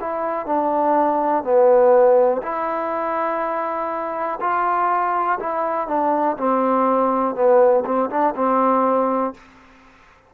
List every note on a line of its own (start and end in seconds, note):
0.00 0.46 E4
0.46 1.43 D4
1.43 2.41 B3
2.42 4.39 E4
4.40 5.38 F4
5.40 5.87 E4
5.87 6.37 D4
6.37 7.35 C4
7.35 7.84 B3
7.85 8.09 C4
8.10 8.34 D4
8.36 9.34 C4